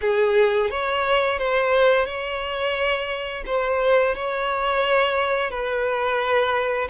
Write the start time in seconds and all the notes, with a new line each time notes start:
0.01 G#4
0.70 C#5
1.39 C5
2.05 C#5
3.46 C5
4.15 C#5
5.50 B4